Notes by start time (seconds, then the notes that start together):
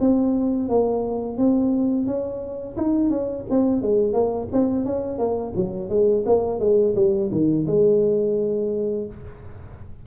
0.00 C4
0.69 A#3
1.37 C4
2.06 C#4
2.77 D#4
3.10 C#4
3.50 C4
3.82 G#3
4.13 A#3
4.52 C4
4.85 C#4
5.18 A#3
5.55 F#3
5.89 G#3
6.26 A#3
6.60 G#3
6.95 G3
7.31 D#3
7.67 G#3